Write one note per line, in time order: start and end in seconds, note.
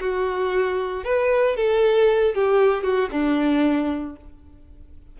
0.00 1.04 F#4
1.04 1.56 B4
1.56 2.34 A4
2.34 2.83 G4
2.83 3.09 F#4
3.11 4.15 D4